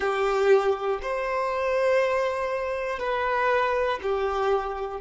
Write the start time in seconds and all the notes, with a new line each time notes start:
0.00 G4
1.01 C5
2.99 B4
4.02 G4